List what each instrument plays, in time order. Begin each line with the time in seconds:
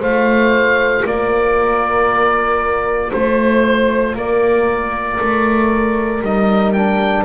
0.00 double bass A3, trombone F4, horn C5, oboe F5
1.05 double bass A#3, horn A#4, oboe D5
3.11 double bass A3, horn C5, oboe C5
4.15 double bass A#3, horn A#4, oboe D5
5.20 double bass A3
6.22 double bass G3, trombone D#4, oboe D#5
6.73 trombone D4, oboe G5